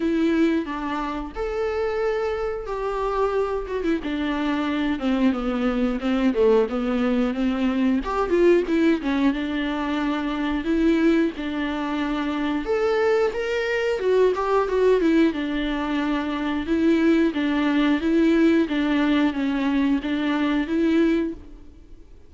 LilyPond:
\new Staff \with { instrumentName = "viola" } { \time 4/4 \tempo 4 = 90 e'4 d'4 a'2 | g'4. fis'16 e'16 d'4. c'8 | b4 c'8 a8 b4 c'4 | g'8 f'8 e'8 cis'8 d'2 |
e'4 d'2 a'4 | ais'4 fis'8 g'8 fis'8 e'8 d'4~ | d'4 e'4 d'4 e'4 | d'4 cis'4 d'4 e'4 | }